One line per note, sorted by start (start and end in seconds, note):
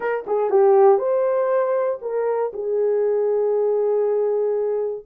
0.00 0.25 A#4
0.26 0.50 G#4
0.50 0.98 G4
0.98 1.99 C5
2.01 2.51 A#4
2.53 5.05 G#4